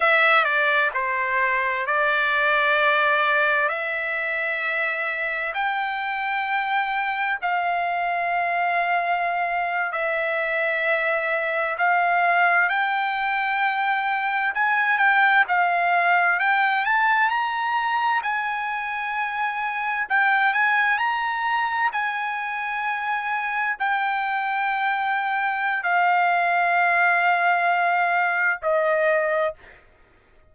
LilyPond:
\new Staff \with { instrumentName = "trumpet" } { \time 4/4 \tempo 4 = 65 e''8 d''8 c''4 d''2 | e''2 g''2 | f''2~ f''8. e''4~ e''16~ | e''8. f''4 g''2 gis''16~ |
gis''16 g''8 f''4 g''8 a''8 ais''4 gis''16~ | gis''4.~ gis''16 g''8 gis''8 ais''4 gis''16~ | gis''4.~ gis''16 g''2~ g''16 | f''2. dis''4 | }